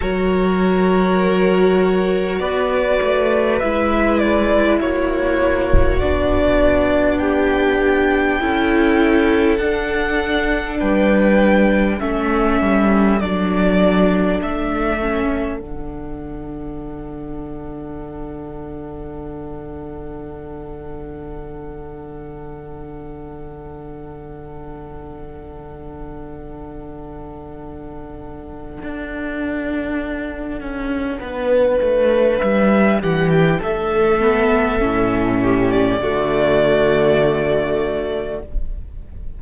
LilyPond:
<<
  \new Staff \with { instrumentName = "violin" } { \time 4/4 \tempo 4 = 50 cis''2 d''4 e''8 d''8 | cis''4 d''4 g''2 | fis''4 g''4 e''4 d''4 | e''4 fis''2.~ |
fis''1~ | fis''1~ | fis''2. e''8 fis''16 g''16 | e''4.~ e''16 d''2~ d''16 | }
  \new Staff \with { instrumentName = "violin" } { \time 4/4 ais'2 b'2 | fis'2 g'4 a'4~ | a'4 b'4 a'2~ | a'1~ |
a'1~ | a'1~ | a'2 b'4. g'8 | a'4. g'8 fis'2 | }
  \new Staff \with { instrumentName = "viola" } { \time 4/4 fis'2. e'4~ | e'4 d'2 e'4 | d'2 cis'4 d'4~ | d'8 cis'8 d'2.~ |
d'1~ | d'1~ | d'1~ | d'8 b8 cis'4 a2 | }
  \new Staff \with { instrumentName = "cello" } { \time 4/4 fis2 b8 a8 gis4 | ais4 b2 cis'4 | d'4 g4 a8 g8 fis4 | a4 d2.~ |
d1~ | d1 | d'4. cis'8 b8 a8 g8 e8 | a4 a,4 d2 | }
>>